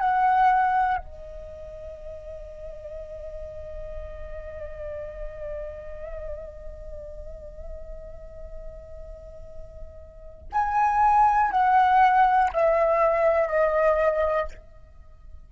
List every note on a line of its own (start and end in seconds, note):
0.00 0.98 F#5
0.98 10.48 D#5
10.52 11.51 G#5
11.51 12.51 F#5
12.53 13.48 E5
13.48 14.48 D#5